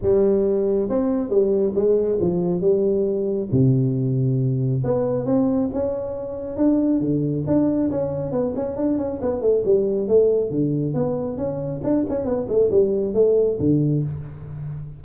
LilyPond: \new Staff \with { instrumentName = "tuba" } { \time 4/4 \tempo 4 = 137 g2 c'4 g4 | gis4 f4 g2 | c2. b4 | c'4 cis'2 d'4 |
d4 d'4 cis'4 b8 cis'8 | d'8 cis'8 b8 a8 g4 a4 | d4 b4 cis'4 d'8 cis'8 | b8 a8 g4 a4 d4 | }